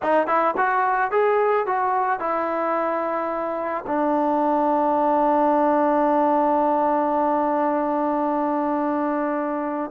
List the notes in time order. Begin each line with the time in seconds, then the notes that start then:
0.02 D#4
0.27 E4
0.57 F#4
1.11 G#4
1.66 F#4
2.19 E4
3.86 D4